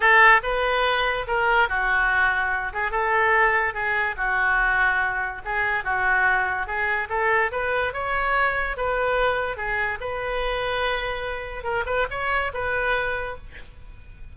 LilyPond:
\new Staff \with { instrumentName = "oboe" } { \time 4/4 \tempo 4 = 144 a'4 b'2 ais'4 | fis'2~ fis'8 gis'8 a'4~ | a'4 gis'4 fis'2~ | fis'4 gis'4 fis'2 |
gis'4 a'4 b'4 cis''4~ | cis''4 b'2 gis'4 | b'1 | ais'8 b'8 cis''4 b'2 | }